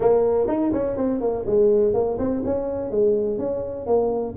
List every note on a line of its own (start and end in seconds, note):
0.00 0.47 A#3
0.47 0.71 D#4
0.73 0.97 C#4
0.97 1.21 C4
1.21 1.45 A#3
1.46 1.93 G#3
1.93 2.17 A#3
2.18 2.42 C4
2.44 2.90 C#4
2.90 3.38 G#3
3.38 3.86 C#4
3.86 4.34 A#3